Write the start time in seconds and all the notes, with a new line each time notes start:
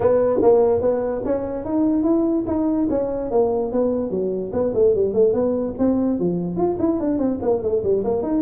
0.00 B3
0.41 A#3
0.81 B3
1.25 C#4
1.64 D#4
2.03 E4
2.46 D#4
2.89 C#4
3.30 A#3
3.72 B3
4.10 F#3
4.52 B3
4.74 A3
4.94 G3
5.13 A3
5.33 B3
5.78 C4
6.19 F3
6.56 F4
6.79 E4
7.00 D4
7.18 C4
7.41 A#3
7.62 A3
7.83 G3
8.04 A#3
8.22 D#4